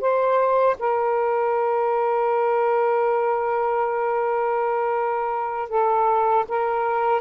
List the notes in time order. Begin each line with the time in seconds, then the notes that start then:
0.00 C5
0.79 A#4
5.69 A4
6.48 A#4